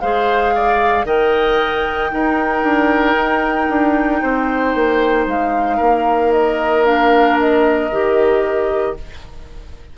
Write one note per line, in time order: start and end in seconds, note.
0.00 1.04 G#3
0.00 1.05 G#4
0.00 0.54 C5
0.00 1.05 F5
0.55 1.06 D5
1.04 2.09 D#3
1.04 2.10 A#4
1.04 2.11 D#5
1.04 5.28 G5
2.11 6.84 D#4
2.11 2.63 D#4
2.11 4.22 A#4
2.63 3.15 D4
3.15 3.68 D#4
3.69 4.21 D4
4.22 4.74 C4
4.22 5.77 C5
4.74 5.27 A#3
5.27 5.79 G#3
5.27 6.32 F5
5.77 7.91 A#3
5.77 8.92 A#4
6.32 6.85 D#5
6.84 7.90 D4
6.84 7.38 F5
7.39 8.97 D#5
7.91 8.97 D#3
7.91 8.96 G4